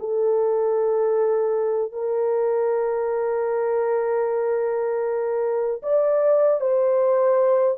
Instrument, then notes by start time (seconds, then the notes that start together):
horn
0.00 A4
1.93 A#4
5.83 D5
6.61 C5